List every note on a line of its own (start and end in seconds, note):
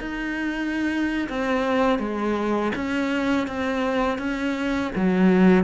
0.00 1.28 D#4
1.29 1.99 C4
1.99 2.72 G#3
2.75 3.47 C#4
3.47 4.18 C4
4.18 4.91 C#4
4.95 5.64 F#3